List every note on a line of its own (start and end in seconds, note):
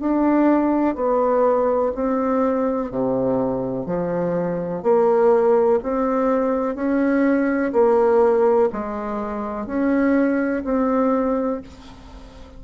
0.00 0.95 D4
0.95 1.92 B3
1.95 2.91 C4
2.91 3.86 C3
3.86 4.83 F3
4.83 5.80 A#3
5.83 6.75 C4
6.75 7.72 C#4
7.72 8.69 A#3
8.73 9.66 G#3
9.66 10.63 C#4
10.65 11.61 C4